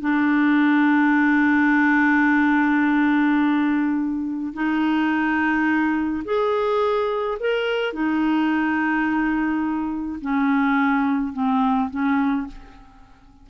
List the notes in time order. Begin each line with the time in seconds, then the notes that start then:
0.00 D4
4.53 D#4
6.24 G#4
7.40 A#4
7.93 D#4
10.21 C#4
11.33 C4
11.90 C#4